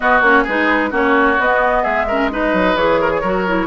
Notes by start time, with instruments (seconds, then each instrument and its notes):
0.00 clarinet B3, bassoon B3, oboe F#4, flute D#5
0.21 bassoon A#3, clarinet C#4, flute C#5
0.43 bassoon G#3, clarinet D#4, oboe G#4, flute B4
0.91 bassoon A#3, clarinet C#4, oboe F#4, flute C#5
1.38 bassoon B3, clarinet B3, flute D#5
1.82 bassoon G#3, oboe G#4, flute E5
2.07 clarinet C#4, oboe A#4
2.30 clarinet D#4, oboe B4, flute D#5
2.53 bassoon F#3
2.75 bassoon E3, clarinet G#4, flute C#5
3.00 oboe A#4
3.11 oboe G#4
3.20 bassoon F#3, clarinet F#4, oboe A#4
3.47 clarinet E4